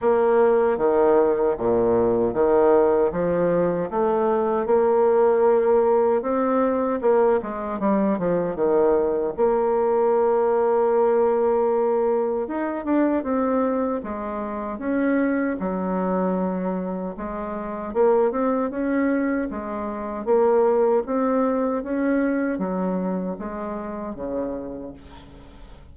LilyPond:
\new Staff \with { instrumentName = "bassoon" } { \time 4/4 \tempo 4 = 77 ais4 dis4 ais,4 dis4 | f4 a4 ais2 | c'4 ais8 gis8 g8 f8 dis4 | ais1 |
dis'8 d'8 c'4 gis4 cis'4 | fis2 gis4 ais8 c'8 | cis'4 gis4 ais4 c'4 | cis'4 fis4 gis4 cis4 | }